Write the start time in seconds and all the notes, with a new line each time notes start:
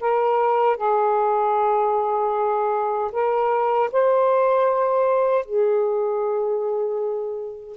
0.00 A#4
0.77 G#4
3.12 A#4
3.91 C5
5.45 G#4